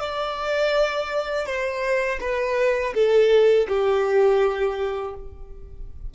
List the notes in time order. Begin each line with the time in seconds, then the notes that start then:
0.00 D5
1.46 C5
2.21 B4
2.94 A4
3.68 G4